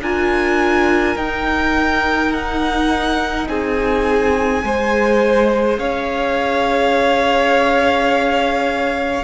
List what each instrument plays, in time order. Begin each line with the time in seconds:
0.00 cello D4, viola F4, violin A#4 G#5
1.16 cello D#4, viola D#4, violin G5
2.32 violin F#5
3.48 cello C4, violin G#4 G#5
4.63 cello G#3, viola G#4, violin C5
5.78 cello C#4, violin C#5 F5